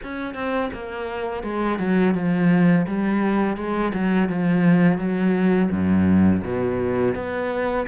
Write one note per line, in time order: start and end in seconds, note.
0.03 0.34 C#4
0.34 0.70 C4
0.73 1.43 A#3
1.43 1.78 G#3
1.78 2.14 F#3
2.14 2.85 F3
2.87 3.56 G3
3.56 3.92 G#3
3.93 4.29 F#3
4.29 4.98 F3
4.98 5.69 F#3
5.71 6.43 F#2
6.43 7.15 B2
7.15 7.86 B3